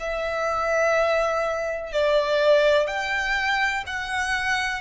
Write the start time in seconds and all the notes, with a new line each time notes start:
0.00 E5
1.92 D5
2.87 G5
3.87 F#5